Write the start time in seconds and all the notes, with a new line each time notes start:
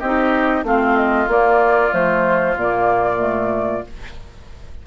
0.00 C4 D#4 G4 D#5
0.64 A3 C4 F4 F5
0.97 D#5
1.28 A#3 D5
1.91 F3 A3 C5
2.56 A#2 A#3 D5
3.18 A3